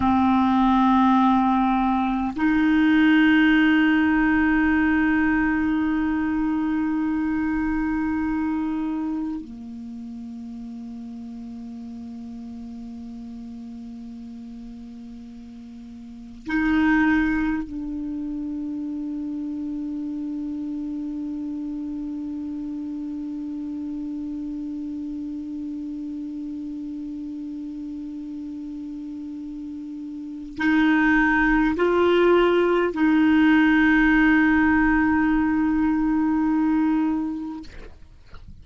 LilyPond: \new Staff \with { instrumentName = "clarinet" } { \time 4/4 \tempo 4 = 51 c'2 dis'2~ | dis'1 | ais1~ | ais2 dis'4 d'4~ |
d'1~ | d'1~ | d'2 dis'4 f'4 | dis'1 | }